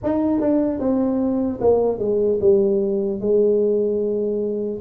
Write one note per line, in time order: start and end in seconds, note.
0.03 0.40 D#4
0.40 0.79 D4
0.79 1.59 C4
1.60 1.99 A#3
1.99 2.39 G#3
2.40 3.20 G3
3.20 4.80 G#3